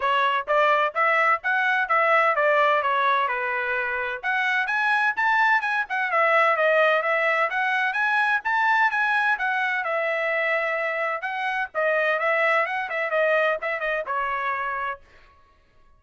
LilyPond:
\new Staff \with { instrumentName = "trumpet" } { \time 4/4 \tempo 4 = 128 cis''4 d''4 e''4 fis''4 | e''4 d''4 cis''4 b'4~ | b'4 fis''4 gis''4 a''4 | gis''8 fis''8 e''4 dis''4 e''4 |
fis''4 gis''4 a''4 gis''4 | fis''4 e''2. | fis''4 dis''4 e''4 fis''8 e''8 | dis''4 e''8 dis''8 cis''2 | }